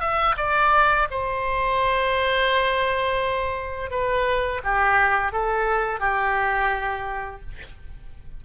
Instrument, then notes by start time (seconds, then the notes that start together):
oboe
0.00 E5
0.37 D5
1.10 C5
3.90 B4
4.63 G4
5.32 A4
5.99 G4